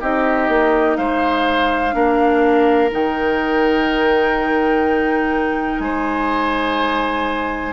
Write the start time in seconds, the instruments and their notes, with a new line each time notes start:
0.00 bassoon C4, clarinet D#4, oboe G4, flute D#5
0.48 bassoon A#3
0.96 bassoon G#3, oboe C5, flute F5
1.92 bassoon A#3, clarinet D4, oboe A#4
2.91 bassoon D#3, clarinet D#4, flute G5
5.79 bassoon G#3, oboe C5, flute G#5